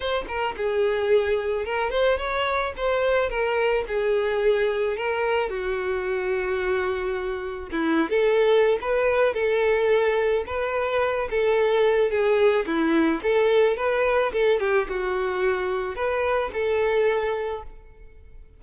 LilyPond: \new Staff \with { instrumentName = "violin" } { \time 4/4 \tempo 4 = 109 c''8 ais'8 gis'2 ais'8 c''8 | cis''4 c''4 ais'4 gis'4~ | gis'4 ais'4 fis'2~ | fis'2 e'8. a'4~ a'16 |
b'4 a'2 b'4~ | b'8 a'4. gis'4 e'4 | a'4 b'4 a'8 g'8 fis'4~ | fis'4 b'4 a'2 | }